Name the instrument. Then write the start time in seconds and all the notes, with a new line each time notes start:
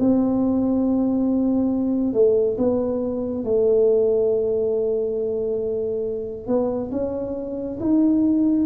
tuba
0.00 C4
2.13 A3
2.58 B3
3.45 A3
6.47 B3
6.92 C#4
7.80 D#4